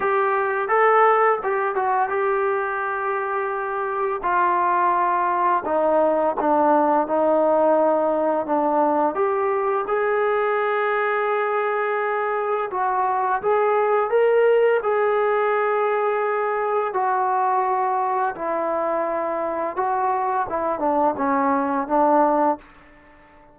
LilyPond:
\new Staff \with { instrumentName = "trombone" } { \time 4/4 \tempo 4 = 85 g'4 a'4 g'8 fis'8 g'4~ | g'2 f'2 | dis'4 d'4 dis'2 | d'4 g'4 gis'2~ |
gis'2 fis'4 gis'4 | ais'4 gis'2. | fis'2 e'2 | fis'4 e'8 d'8 cis'4 d'4 | }